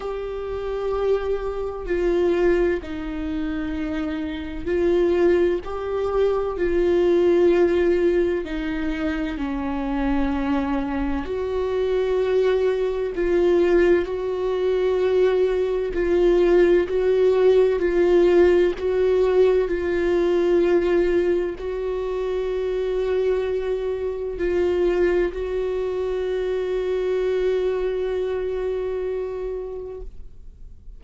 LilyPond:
\new Staff \with { instrumentName = "viola" } { \time 4/4 \tempo 4 = 64 g'2 f'4 dis'4~ | dis'4 f'4 g'4 f'4~ | f'4 dis'4 cis'2 | fis'2 f'4 fis'4~ |
fis'4 f'4 fis'4 f'4 | fis'4 f'2 fis'4~ | fis'2 f'4 fis'4~ | fis'1 | }